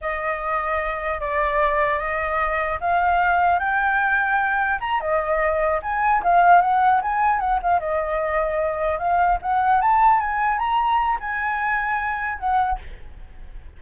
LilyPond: \new Staff \with { instrumentName = "flute" } { \time 4/4 \tempo 4 = 150 dis''2. d''4~ | d''4 dis''2 f''4~ | f''4 g''2. | ais''8 dis''2 gis''4 f''8~ |
f''8 fis''4 gis''4 fis''8 f''8 dis''8~ | dis''2~ dis''8 f''4 fis''8~ | fis''8 a''4 gis''4 ais''4. | gis''2. fis''4 | }